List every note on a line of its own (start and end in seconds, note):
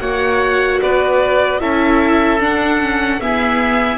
0.00 0.81 A#3
0.00 1.60 F#4
0.00 0.81 C#5
0.00 0.80 F#5
0.81 1.61 B3
0.81 1.61 B4
0.81 1.60 D5
1.60 2.40 C#4
1.60 2.39 E4
1.60 3.21 A4
1.60 2.40 E5
2.39 2.79 D4
2.39 3.20 D4
2.39 3.21 F#5
2.81 3.21 C#4
3.21 3.98 B3
3.21 3.98 E4
3.21 3.98 G#4
3.21 3.98 E5